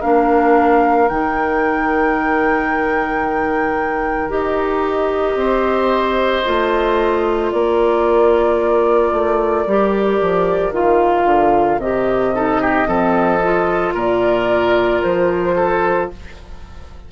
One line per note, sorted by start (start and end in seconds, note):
0.00 1.10 A#3
0.00 1.09 D4
0.00 5.36 A#4
0.00 1.08 F5
1.08 4.31 D#3
1.08 4.29 D#4
1.08 4.30 G5
4.29 5.35 D#4
4.29 6.44 G4
4.29 7.51 D#5
5.35 6.43 C4
5.35 7.53 C5
6.45 7.53 A3
6.45 9.66 F4
7.51 9.12 A#3
7.51 12.35 A#4
7.51 10.73 D5
9.12 9.66 A3
9.67 10.20 G3
9.67 10.73 G4
10.21 10.71 F3
10.71 11.25 D#3
10.71 11.80 F4
10.71 11.80 F5
11.25 11.78 D3
11.78 12.85 C3
11.78 12.35 G4
11.78 13.94 D#5
12.35 12.86 D#4
12.35 12.61 A4
12.61 12.88 G4
12.86 13.94 F3
12.86 13.39 C4
12.86 13.94 A4
13.44 16.12 F4
13.94 15.01 A#2
13.94 15.55 A#4
13.94 15.03 D5
15.03 16.12 F3
15.03 16.10 C5
15.56 16.10 A4